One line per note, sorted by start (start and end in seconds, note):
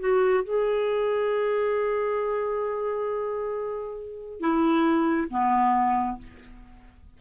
0.00 0.44 F#4
0.44 4.40 G#4
4.40 5.29 E4
5.30 6.19 B3